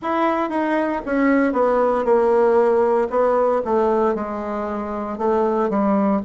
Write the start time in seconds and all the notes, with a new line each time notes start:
0.02 E4
0.49 D#4
1.05 C#4
1.52 B3
2.04 A#3
3.09 B3
3.64 A3
4.14 G#3
5.17 A3
5.69 G3